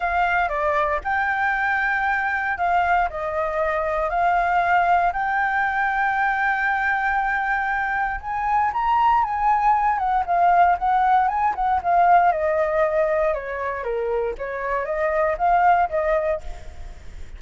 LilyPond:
\new Staff \with { instrumentName = "flute" } { \time 4/4 \tempo 4 = 117 f''4 d''4 g''2~ | g''4 f''4 dis''2 | f''2 g''2~ | g''1 |
gis''4 ais''4 gis''4. fis''8 | f''4 fis''4 gis''8 fis''8 f''4 | dis''2 cis''4 ais'4 | cis''4 dis''4 f''4 dis''4 | }